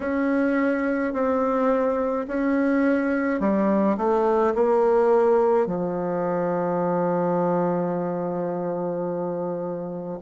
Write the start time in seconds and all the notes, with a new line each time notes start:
0.00 C#4
1.13 C4
2.27 C#4
3.40 G3
3.97 A3
4.54 A#3
5.66 F3